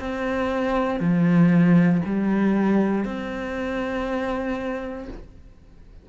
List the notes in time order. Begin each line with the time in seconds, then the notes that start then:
0.00 C4
1.00 F3
2.06 G3
3.05 C4